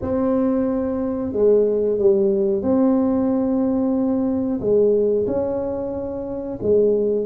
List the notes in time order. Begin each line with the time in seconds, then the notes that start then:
0.01 C4
1.32 G#3
1.98 G3
2.62 C4
4.60 G#3
5.26 C#4
6.62 G#3